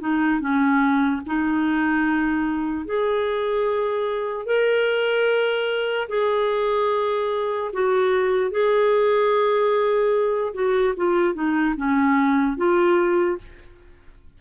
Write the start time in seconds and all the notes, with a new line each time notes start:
0.00 D#4
0.41 C#4
1.26 D#4
2.86 G#4
4.46 A#4
6.09 G#4
7.73 F#4
8.51 G#4
10.54 F#4
10.97 F4
11.34 D#4
11.77 C#4
12.57 F4